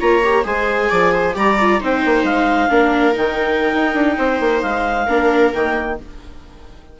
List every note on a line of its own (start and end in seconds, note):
0.00 0.45 A#3
0.00 0.23 F4
0.00 0.45 C#5
0.00 0.45 A#5
0.24 0.44 G4
0.44 0.90 G#3
0.44 1.34 G#4
0.44 0.89 C5
0.44 1.36 G#5
0.89 1.36 F3
0.89 1.12 D5
1.13 1.36 C5
1.34 1.81 G3
1.34 1.56 G4
1.34 1.80 D5
1.34 1.82 A#5
1.60 1.80 F4
1.80 2.05 C4
1.80 2.69 D#4
1.80 2.71 C5
1.80 2.25 G5
2.05 2.24 A#3
2.24 2.69 G#3
2.24 3.15 F5
2.69 3.16 A#3
2.69 3.13 D4
2.69 4.17 A#4
3.13 3.73 D#3
3.13 5.05 D#4
3.13 4.62 G5
3.74 3.94 D#4
3.94 4.17 D4
4.18 4.40 C4
4.18 5.06 C5
4.40 4.63 A#3
4.62 5.08 G#3
4.62 5.53 F5
5.06 5.53 A#3
5.06 5.53 D4
5.06 5.96 A#4
5.53 6.00 D#3
5.53 5.99 A#3
5.53 5.98 G5